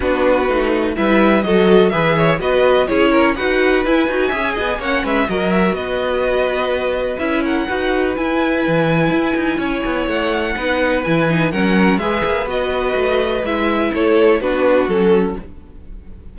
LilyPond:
<<
  \new Staff \with { instrumentName = "violin" } { \time 4/4 \tempo 4 = 125 b'2 e''4 dis''4 | e''4 dis''4 cis''4 fis''4 | gis''2 fis''8 e''8 dis''8 e''8 | dis''2. e''8 fis''8~ |
fis''4 gis''2.~ | gis''4 fis''2 gis''4 | fis''4 e''4 dis''2 | e''4 cis''4 b'4 a'4 | }
  \new Staff \with { instrumentName = "violin" } { \time 4/4 fis'2 b'4 a'4 | b'8 cis''8 b'4 gis'8 ais'8 b'4~ | b'4 e''8 dis''8 cis''8 b'8 ais'4 | b'2.~ b'8 ais'8 |
b'1 | cis''2 b'2 | ais'4 b'2.~ | b'4 a'4 fis'2 | }
  \new Staff \with { instrumentName = "viola" } { \time 4/4 d'4 dis'4 e'4 fis'4 | gis'4 fis'4 e'4 fis'4 | e'8 fis'8 gis'4 cis'4 fis'4~ | fis'2. e'4 |
fis'4 e'2.~ | e'2 dis'4 e'8 dis'8 | cis'4 gis'4 fis'2 | e'2 d'4 cis'4 | }
  \new Staff \with { instrumentName = "cello" } { \time 4/4 b4 a4 g4 fis4 | e4 b4 cis'4 dis'4 | e'8 dis'8 cis'8 b8 ais8 gis8 fis4 | b2. cis'4 |
dis'4 e'4 e4 e'8 dis'8 | cis'8 b8 a4 b4 e4 | fis4 gis8 ais8 b4 a4 | gis4 a4 b4 fis4 | }
>>